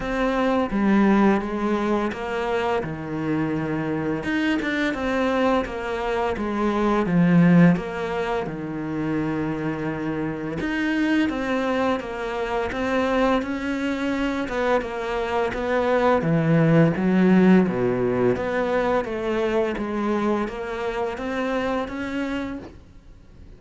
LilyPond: \new Staff \with { instrumentName = "cello" } { \time 4/4 \tempo 4 = 85 c'4 g4 gis4 ais4 | dis2 dis'8 d'8 c'4 | ais4 gis4 f4 ais4 | dis2. dis'4 |
c'4 ais4 c'4 cis'4~ | cis'8 b8 ais4 b4 e4 | fis4 b,4 b4 a4 | gis4 ais4 c'4 cis'4 | }